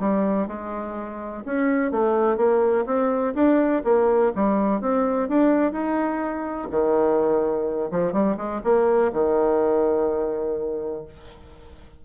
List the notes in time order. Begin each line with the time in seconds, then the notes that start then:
0.00 G3
0.48 G#3
1.46 C#4
1.92 A3
2.38 A#3
2.86 C4
3.35 D4
3.84 A#3
4.36 G3
4.82 C4
5.29 D4
5.73 D#4
6.71 D#3
7.91 F3
8.13 G3
8.38 G#3
8.64 A#3
9.13 D#3